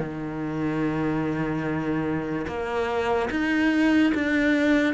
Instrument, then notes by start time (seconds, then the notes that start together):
cello
0.00 D#3
2.48 A#3
3.31 D#4
4.15 D4